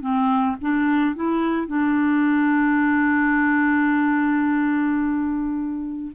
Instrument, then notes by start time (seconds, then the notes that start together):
clarinet
0.00 C4
0.61 D4
1.15 E4
1.67 D4